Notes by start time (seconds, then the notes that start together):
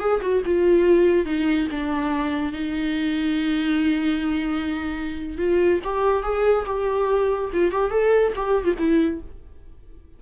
0.00 G#4
0.22 F#4
0.46 F4
1.26 D#4
1.72 D4
2.53 D#4
5.38 F4
5.84 G4
6.24 G#4
6.66 G4
7.53 F4
7.72 G4
7.91 A4
8.36 G4
8.64 F4
8.79 E4